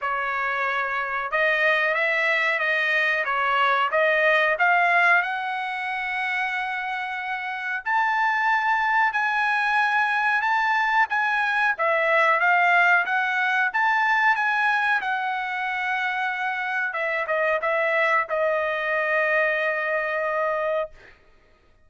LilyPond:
\new Staff \with { instrumentName = "trumpet" } { \time 4/4 \tempo 4 = 92 cis''2 dis''4 e''4 | dis''4 cis''4 dis''4 f''4 | fis''1 | a''2 gis''2 |
a''4 gis''4 e''4 f''4 | fis''4 a''4 gis''4 fis''4~ | fis''2 e''8 dis''8 e''4 | dis''1 | }